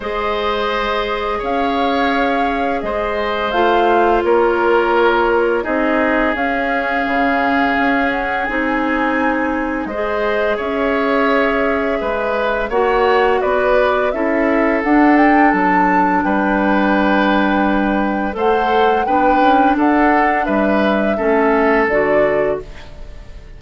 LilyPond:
<<
  \new Staff \with { instrumentName = "flute" } { \time 4/4 \tempo 4 = 85 dis''2 f''2 | dis''4 f''4 cis''2 | dis''4 f''2~ f''8 fis''8 | gis''2 dis''4 e''4~ |
e''2 fis''4 d''4 | e''4 fis''8 g''8 a''4 g''4~ | g''2 fis''4 g''4 | fis''4 e''2 d''4 | }
  \new Staff \with { instrumentName = "oboe" } { \time 4/4 c''2 cis''2 | c''2 ais'2 | gis'1~ | gis'2 c''4 cis''4~ |
cis''4 b'4 cis''4 b'4 | a'2. b'4~ | b'2 c''4 b'4 | a'4 b'4 a'2 | }
  \new Staff \with { instrumentName = "clarinet" } { \time 4/4 gis'1~ | gis'4 f'2. | dis'4 cis'2. | dis'2 gis'2~ |
gis'2 fis'2 | e'4 d'2.~ | d'2 a'4 d'4~ | d'2 cis'4 fis'4 | }
  \new Staff \with { instrumentName = "bassoon" } { \time 4/4 gis2 cis'2 | gis4 a4 ais2 | c'4 cis'4 cis4 cis'4 | c'2 gis4 cis'4~ |
cis'4 gis4 ais4 b4 | cis'4 d'4 fis4 g4~ | g2 a4 b8 cis'8 | d'4 g4 a4 d4 | }
>>